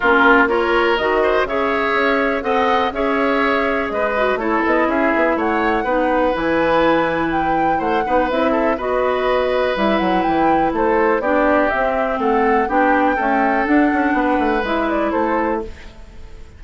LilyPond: <<
  \new Staff \with { instrumentName = "flute" } { \time 4/4 \tempo 4 = 123 ais'4 cis''4 dis''4 e''4~ | e''4 fis''4 e''2 | dis''4 cis''8 dis''8 e''4 fis''4~ | fis''4 gis''2 g''4 |
fis''4 e''4 dis''2 | e''8 fis''8 g''4 c''4 d''4 | e''4 fis''4 g''2 | fis''2 e''8 d''8 c''4 | }
  \new Staff \with { instrumentName = "oboe" } { \time 4/4 f'4 ais'4. c''8 cis''4~ | cis''4 dis''4 cis''2 | b'4 a'4 gis'4 cis''4 | b'1 |
c''8 b'4 a'8 b'2~ | b'2 a'4 g'4~ | g'4 a'4 g'4 a'4~ | a'4 b'2 a'4 | }
  \new Staff \with { instrumentName = "clarinet" } { \time 4/4 cis'4 f'4 fis'4 gis'4~ | gis'4 a'4 gis'2~ | gis'8 fis'8 e'2. | dis'4 e'2.~ |
e'8 dis'8 e'4 fis'2 | e'2. d'4 | c'2 d'4 a4 | d'2 e'2 | }
  \new Staff \with { instrumentName = "bassoon" } { \time 4/4 ais2 dis4 cis4 | cis'4 c'4 cis'2 | gis4 a8 b8 cis'8 b8 a4 | b4 e2. |
a8 b8 c'4 b2 | g8 fis8 e4 a4 b4 | c'4 a4 b4 cis'4 | d'8 cis'8 b8 a8 gis4 a4 | }
>>